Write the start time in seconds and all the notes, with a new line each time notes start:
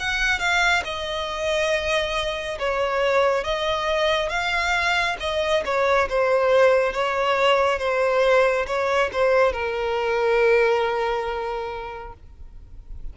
0.00 F#5
0.40 F5
0.85 D#5
2.59 C#5
3.44 D#5
4.30 F5
5.20 D#5
5.66 C#5
6.09 C5
6.93 C#5
7.79 C5
8.67 C#5
9.13 C5
9.53 A#4